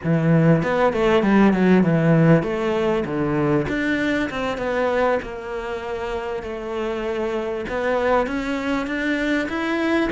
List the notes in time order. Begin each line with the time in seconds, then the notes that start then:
0.03 E3
0.62 B3
0.93 A3
1.22 G3
1.53 F#3
1.83 E3
2.42 A3
3.05 D3
3.68 D4
4.30 C4
4.58 B3
5.22 A#3
6.43 A3
7.68 B3
8.27 C#4
8.86 D4
9.48 E4